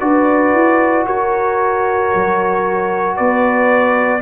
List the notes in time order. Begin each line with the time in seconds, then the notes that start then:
0.00 D4 F#4 B4 D5
0.54 E4
1.06 F#4 A#4 C#5
2.15 F#3
3.16 B3 B4 D5